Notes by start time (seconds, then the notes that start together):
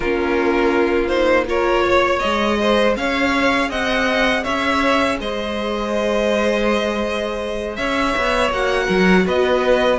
0.00 A#3 C#4 F4 A#4
1.07 D#4 C5
1.46 F4 A#4 C#5
1.84 C#5
2.19 G#3 G#4 D#5
2.60 C5
2.96 C#4 C#5 F5
3.69 C4 D#5 F#5
4.43 C#4 C#5 E5
5.19 G#3 C5 D#5
7.76 C#4 C#5 E5
8.17 B3
8.50 A#3 F#4 F#5
8.84 F#3 A#4
9.26 B3 B4 D#5